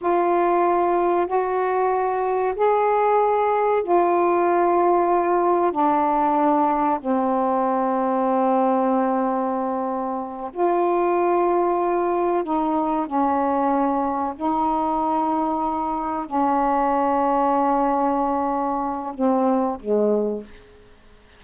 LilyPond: \new Staff \with { instrumentName = "saxophone" } { \time 4/4 \tempo 4 = 94 f'2 fis'2 | gis'2 f'2~ | f'4 d'2 c'4~ | c'1~ |
c'8 f'2. dis'8~ | dis'8 cis'2 dis'4.~ | dis'4. cis'2~ cis'8~ | cis'2 c'4 gis4 | }